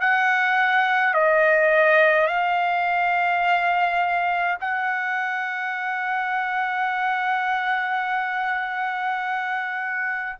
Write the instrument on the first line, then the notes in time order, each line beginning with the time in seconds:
trumpet
0.00 F#5
1.13 D#5
2.27 F5
4.60 F#5